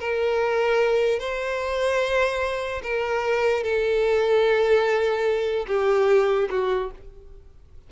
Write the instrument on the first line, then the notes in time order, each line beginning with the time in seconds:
violin
0.00 A#4
1.20 C5
2.83 A#4
3.63 A4
5.68 G4
6.50 F#4